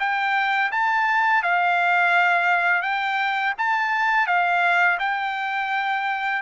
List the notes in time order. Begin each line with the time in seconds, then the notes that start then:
0.00 G5
0.72 A5
1.43 F5
2.82 G5
3.58 A5
4.27 F5
4.99 G5